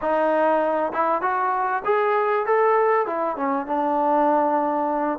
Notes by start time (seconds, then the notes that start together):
0.01 D#4
0.92 E4
1.21 F#4
1.85 G#4
2.45 A4
3.06 E4
3.36 C#4
3.66 D4